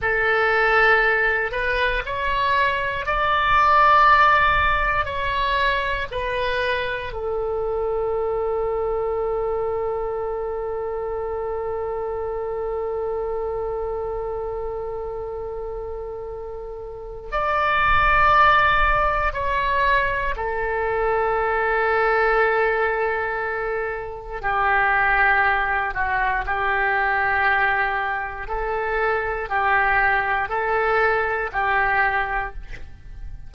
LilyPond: \new Staff \with { instrumentName = "oboe" } { \time 4/4 \tempo 4 = 59 a'4. b'8 cis''4 d''4~ | d''4 cis''4 b'4 a'4~ | a'1~ | a'1~ |
a'4 d''2 cis''4 | a'1 | g'4. fis'8 g'2 | a'4 g'4 a'4 g'4 | }